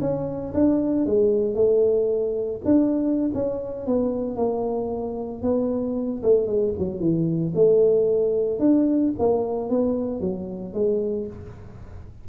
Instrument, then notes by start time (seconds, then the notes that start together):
tuba
0.00 C#4
0.54 D4
1.06 G#3
1.54 A3
2.64 D4
3.34 C#4
3.86 B3
4.36 A#3
5.42 B3
6.22 A3
6.47 G#3
6.78 F#3
6.99 E3
7.54 A3
8.59 D4
9.19 A#3
9.69 B3
10.20 F#3
10.73 G#3